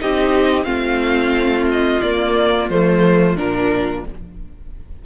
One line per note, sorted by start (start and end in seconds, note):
0.00 0.66 C4
0.00 0.64 D#4
0.00 0.66 G4
0.00 0.64 D#5
0.64 2.00 A3
0.64 1.99 C4
0.64 4.03 F4
0.64 1.65 F5
1.71 2.02 D#5
2.02 2.69 A#3
2.02 2.71 A#3
2.02 2.69 D5
2.69 3.37 F3
2.69 3.37 A3
2.69 3.37 C5
3.37 4.05 A#2
3.37 4.04 D4
3.37 4.05 A#4